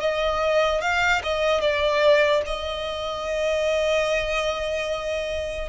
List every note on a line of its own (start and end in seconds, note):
0.00 0.81 D#5
0.81 1.22 F5
1.23 1.61 D#5
1.61 2.42 D5
2.46 5.69 D#5